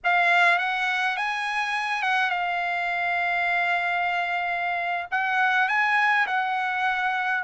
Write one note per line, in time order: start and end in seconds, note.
0.04 0.58 F5
0.58 1.16 F#5
1.17 2.02 G#5
2.02 2.30 F#5
2.30 5.06 F5
5.11 5.68 F#5
5.68 6.26 G#5
6.26 7.43 F#5